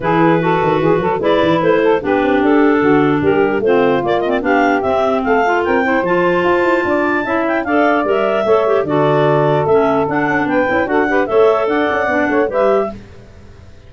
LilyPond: <<
  \new Staff \with { instrumentName = "clarinet" } { \time 4/4 \tempo 4 = 149 b'2. d''4 | c''4 b'4 a'2 | ais'4 c''4 d''8 dis''16 d''16 f''4 | e''4 f''4 g''4 a''4~ |
a''2~ a''8 g''8 f''4 | e''2 d''2 | e''4 fis''4 g''4 fis''4 | e''4 fis''2 e''4 | }
  \new Staff \with { instrumentName = "saxophone" } { \time 4/4 gis'4 a'4 gis'8 a'8 b'4~ | b'8 a'8 g'2 fis'4 | g'4 f'2 g'4~ | g'4 a'4 ais'8 c''4.~ |
c''4 d''4 e''4 d''4~ | d''4 cis''4 a'2~ | a'2 b'4 a'8 b'8 | cis''4 d''4. cis''8 b'4 | }
  \new Staff \with { instrumentName = "clarinet" } { \time 4/4 e'4 fis'2 e'4~ | e'4 d'2.~ | d'4 c'4 ais8 c'8 d'4 | c'4. f'4 e'8 f'4~ |
f'2 e'4 a'4 | ais'4 a'8 g'8 fis'2 | cis'4 d'4. e'8 fis'8 g'8 | a'2 d'4 g'4 | }
  \new Staff \with { instrumentName = "tuba" } { \time 4/4 e4. dis8 e8 fis8 gis8 e8 | a4 b8 c'8 d'4 d4 | g4 a4 ais4 b4 | c'4 a4 c'4 f4 |
f'8 e'8 d'4 cis'4 d'4 | g4 a4 d2 | a4 d'8 cis'8 b8 cis'8 d'4 | a4 d'8 cis'8 b8 a8 g4 | }
>>